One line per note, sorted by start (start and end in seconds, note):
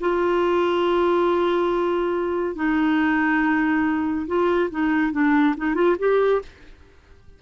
0.00 2.55 F4
2.55 4.26 D#4
4.27 4.69 F4
4.71 5.12 D#4
5.12 5.55 D4
5.57 5.74 D#4
5.74 5.96 F4
5.99 6.41 G4